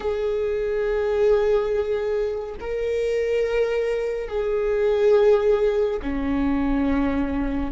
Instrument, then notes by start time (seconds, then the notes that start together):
viola
0.00 G#4
2.60 A#4
4.28 G#4
6.02 C#4